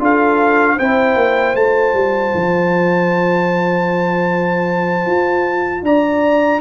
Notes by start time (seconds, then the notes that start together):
0.00 D4 F4 A4 F5
0.76 C4 E4 C5 G5
1.16 A#3
1.55 A3 F4 A5
1.94 G3
2.35 F3
5.06 F4
5.83 D4 D5 A#5